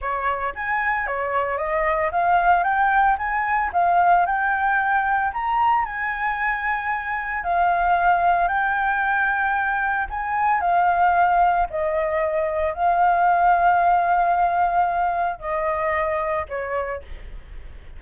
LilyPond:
\new Staff \with { instrumentName = "flute" } { \time 4/4 \tempo 4 = 113 cis''4 gis''4 cis''4 dis''4 | f''4 g''4 gis''4 f''4 | g''2 ais''4 gis''4~ | gis''2 f''2 |
g''2. gis''4 | f''2 dis''2 | f''1~ | f''4 dis''2 cis''4 | }